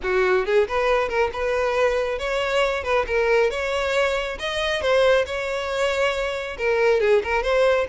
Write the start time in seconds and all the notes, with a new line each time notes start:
0.02 F#4
0.45 G#4
0.68 B4
1.08 A#4
1.32 B4
2.18 C#5
2.83 B4
3.06 A#4
3.50 C#5
4.39 D#5
4.81 C5
5.26 C#5
6.58 A#4
7.00 G#4
7.23 A#4
7.42 C5